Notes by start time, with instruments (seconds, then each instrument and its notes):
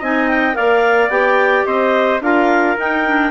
0.00 bassoon C4, clarinet D#4 G#5, trumpet D#5
0.29 clarinet G5
0.53 bassoon A#3, clarinet A#4 F5, trumpet D5
1.09 bassoon B3, clarinet G4 G5
1.65 bassoon C4, trumpet C5, clarinet D#5
2.21 bassoon D4, clarinet F4 F5, trumpet A#4
2.78 clarinet D#4 G5, bassoon D#4
3.05 clarinet D4